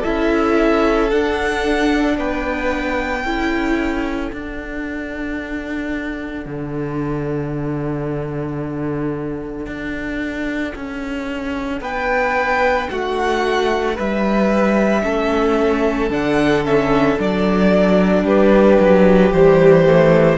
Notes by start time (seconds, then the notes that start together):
0.00 C#4 E4 A4 E5
1.10 D4 F#5
2.17 B3 B4 G5
3.24 C#4 E4 A4
4.31 D4 F#5
6.46 D3
9.66 D4
10.75 C#4
11.81 B3 B4 G5
12.89 A3 F#4 F#5
13.94 G3 B4 E5
15.03 A3 C#4 A4
16.10 D3 D4 F#5
16.64 C#4 E5
17.18 F#3 D4 D5
18.24 G3 G4 B4
18.80 F#3
19.32 E3 G3 C5
19.87 A3